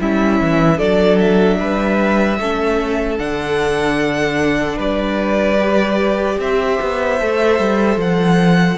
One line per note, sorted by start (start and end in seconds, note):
0.00 0.40 G3
0.00 0.77 C#4
0.00 0.78 E4
0.00 0.79 E5
0.40 0.80 E3
0.77 1.60 F#3
0.77 2.37 D4
0.77 1.58 A4
0.77 1.19 D5
1.19 3.18 E5
1.59 2.39 G3
1.59 2.39 B4
2.39 3.19 A3
2.39 3.18 C#4
2.39 4.76 A4
3.18 4.78 D3
3.18 5.58 D4
3.18 4.78 F#5
4.76 6.38 G3
4.76 6.36 B4
4.76 6.40 D5
5.58 7.18 G4
6.39 6.79 C4
6.39 8.78 C5
6.39 8.01 E5
6.82 7.21 B3
7.20 7.59 A3
7.20 8.78 A4
7.59 7.97 G3
7.97 8.77 F3
7.97 8.78 F#5